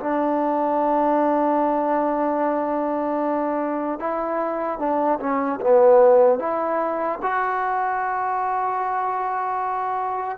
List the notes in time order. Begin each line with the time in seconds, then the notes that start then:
0.00 D4
4.00 E4
4.79 D4
5.20 C#4
5.61 B3
6.39 E4
7.23 F#4